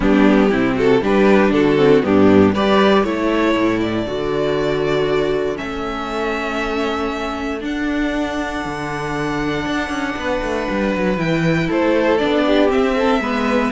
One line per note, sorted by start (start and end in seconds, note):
0.00 0.51 G3
0.00 0.51 B3
0.00 0.49 D4
0.00 0.78 G4
0.49 1.01 C3
0.49 1.01 C4
0.49 0.74 E4
0.74 1.00 F#4
0.74 1.03 A4
1.01 1.51 G3
1.01 1.77 D4
1.01 1.53 G4
1.01 1.51 B4
1.51 2.01 D3
1.51 2.06 F#4
1.51 2.02 A4
1.77 2.02 C4
2.02 2.54 G2
2.02 2.53 B3
2.02 2.53 D4
2.02 2.55 G4
2.53 3.04 G3
2.53 3.04 G4
2.53 3.04 B4
2.53 3.03 D5
3.03 3.55 A3
3.03 4.06 E4
3.03 10.15 A4
3.03 3.80 C#5
3.56 4.06 A2
3.80 5.57 D5
4.06 5.58 D3
4.06 5.55 F#4
5.55 7.63 A3
5.55 7.58 C#4
5.55 7.60 E5
7.60 11.16 D4
7.60 8.65 D4
7.60 11.18 F#5
8.65 9.65 D3
9.65 9.89 D4
9.89 10.14 C#4
10.16 10.41 B3
10.16 11.67 B4
10.42 10.67 A3
10.70 10.95 G3
10.95 11.17 F#3
11.17 11.68 E3
11.17 12.18 E4
11.17 11.69 G5
11.67 12.21 A3
11.67 12.43 A4
11.67 12.18 C5
12.18 12.74 B3
12.18 12.69 D4
12.18 12.68 D5
12.46 12.95 G4
12.69 13.20 C4
12.69 13.19 C4
12.69 13.71 E5
12.95 13.21 A4
13.19 13.70 G#3
13.19 13.71 B3
13.19 13.71 B4